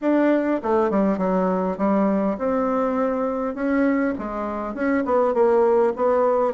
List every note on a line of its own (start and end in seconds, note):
0.01 0.60 D4
0.62 0.90 A3
0.90 1.18 G3
1.18 1.77 F#3
1.77 2.37 G3
2.38 3.54 C4
3.54 4.14 C#4
4.18 4.74 G#3
4.74 5.04 C#4
5.05 5.34 B3
5.34 5.93 A#3
5.95 6.53 B3